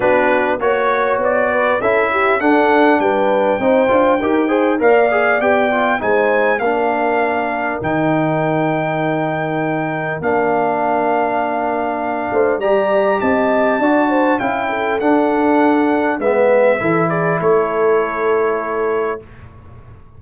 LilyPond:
<<
  \new Staff \with { instrumentName = "trumpet" } { \time 4/4 \tempo 4 = 100 b'4 cis''4 d''4 e''4 | fis''4 g''2. | f''4 g''4 gis''4 f''4~ | f''4 g''2.~ |
g''4 f''2.~ | f''4 ais''4 a''2 | g''4 fis''2 e''4~ | e''8 d''8 cis''2. | }
  \new Staff \with { instrumentName = "horn" } { \time 4/4 fis'4 cis''4. b'8 a'8 g'8 | a'4 b'4 c''4 ais'8 c''8 | d''2 c''4 ais'4~ | ais'1~ |
ais'1~ | ais'8 c''8 d''4 dis''4 d''8 c''8 | f''8 a'2~ a'8 b'4 | a'8 gis'8 a'2. | }
  \new Staff \with { instrumentName = "trombone" } { \time 4/4 d'4 fis'2 e'4 | d'2 dis'8 f'8 g'8 gis'8 | ais'8 gis'8 g'8 f'8 dis'4 d'4~ | d'4 dis'2.~ |
dis'4 d'2.~ | d'4 g'2 fis'4 | e'4 d'2 b4 | e'1 | }
  \new Staff \with { instrumentName = "tuba" } { \time 4/4 b4 ais4 b4 cis'4 | d'4 g4 c'8 d'8 dis'4 | ais4 b4 gis4 ais4~ | ais4 dis2.~ |
dis4 ais2.~ | ais8 a8 g4 c'4 d'4 | cis'4 d'2 gis4 | e4 a2. | }
>>